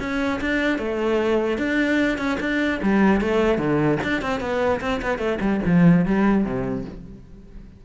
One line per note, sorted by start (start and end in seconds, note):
0.00 0.40 C#4
0.41 0.79 D4
0.79 1.58 A3
1.58 2.18 D4
2.18 2.38 C#4
2.40 2.80 D4
2.83 3.21 G3
3.21 3.58 A3
3.58 3.98 D3
4.03 4.22 D4
4.22 4.41 C4
4.41 4.81 B3
4.81 5.01 C4
5.02 5.19 B3
5.19 5.39 A3
5.41 5.61 G3
5.66 6.06 F3
6.06 6.45 G3
6.45 6.85 C3